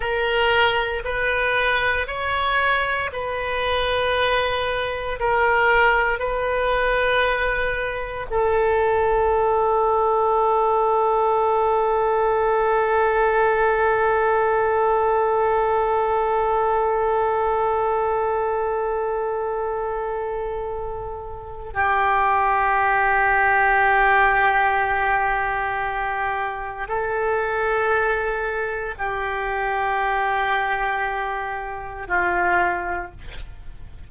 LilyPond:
\new Staff \with { instrumentName = "oboe" } { \time 4/4 \tempo 4 = 58 ais'4 b'4 cis''4 b'4~ | b'4 ais'4 b'2 | a'1~ | a'1~ |
a'1~ | a'4 g'2.~ | g'2 a'2 | g'2. f'4 | }